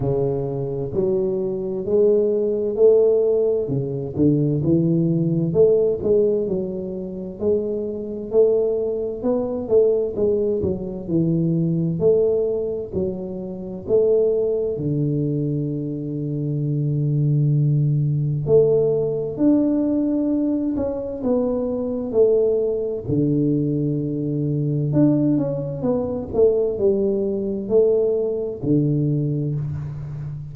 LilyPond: \new Staff \with { instrumentName = "tuba" } { \time 4/4 \tempo 4 = 65 cis4 fis4 gis4 a4 | cis8 d8 e4 a8 gis8 fis4 | gis4 a4 b8 a8 gis8 fis8 | e4 a4 fis4 a4 |
d1 | a4 d'4. cis'8 b4 | a4 d2 d'8 cis'8 | b8 a8 g4 a4 d4 | }